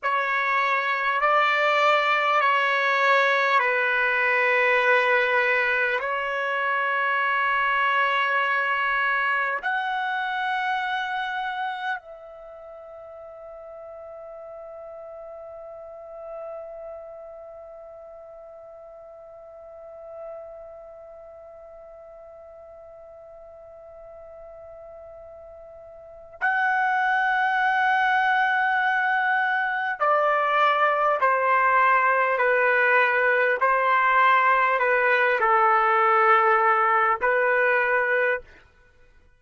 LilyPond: \new Staff \with { instrumentName = "trumpet" } { \time 4/4 \tempo 4 = 50 cis''4 d''4 cis''4 b'4~ | b'4 cis''2. | fis''2 e''2~ | e''1~ |
e''1~ | e''2 fis''2~ | fis''4 d''4 c''4 b'4 | c''4 b'8 a'4. b'4 | }